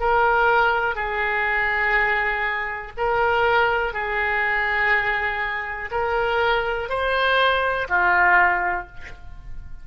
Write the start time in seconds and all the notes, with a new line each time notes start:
0.00 A#4
0.95 G#4
2.97 A#4
3.93 G#4
5.92 A#4
6.89 C5
7.89 F4